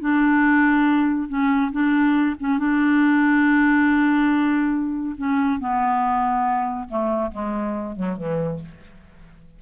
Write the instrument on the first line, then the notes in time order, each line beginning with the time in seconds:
clarinet
0.00 D4
1.29 C#4
1.72 D4
2.40 C#4
2.58 D4
5.17 C#4
5.59 B3
6.89 A3
7.31 G#3
7.96 F#3
8.16 E3